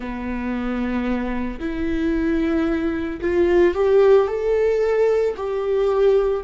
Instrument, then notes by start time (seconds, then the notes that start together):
viola
0.00 B3
1.59 E4
3.21 F4
3.74 G4
4.27 A4
5.36 G4